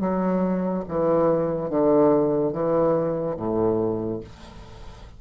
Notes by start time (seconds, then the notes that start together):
0.00 F#3
0.88 E3
1.70 D3
2.52 E3
3.36 A2